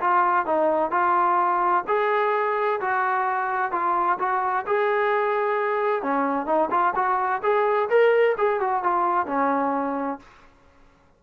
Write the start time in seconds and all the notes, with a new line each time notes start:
0.00 F4
0.46 D#4
0.91 F4
1.87 G#4
2.80 F#4
3.71 F4
4.19 F#4
4.66 G#4
6.02 C#4
6.46 D#4
6.70 F4
6.95 F#4
7.42 G#4
7.89 A#4
8.38 G#4
8.60 F#4
8.83 F4
9.26 C#4